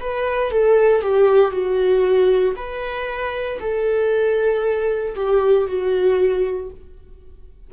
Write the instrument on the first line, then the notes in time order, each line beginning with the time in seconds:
viola
0.00 B4
0.51 A4
1.02 G4
1.51 F#4
2.56 B4
3.60 A4
5.15 G4
5.67 F#4